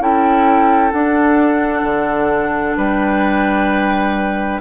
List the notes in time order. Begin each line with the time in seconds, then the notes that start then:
0.00 C#4 E4 A4 G5
0.92 D4 F#5
1.83 D3
2.77 G3 B4 G5